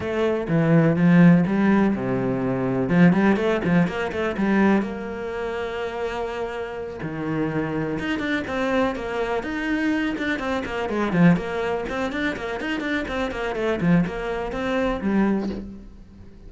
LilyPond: \new Staff \with { instrumentName = "cello" } { \time 4/4 \tempo 4 = 124 a4 e4 f4 g4 | c2 f8 g8 a8 f8 | ais8 a8 g4 ais2~ | ais2~ ais8 dis4.~ |
dis8 dis'8 d'8 c'4 ais4 dis'8~ | dis'4 d'8 c'8 ais8 gis8 f8 ais8~ | ais8 c'8 d'8 ais8 dis'8 d'8 c'8 ais8 | a8 f8 ais4 c'4 g4 | }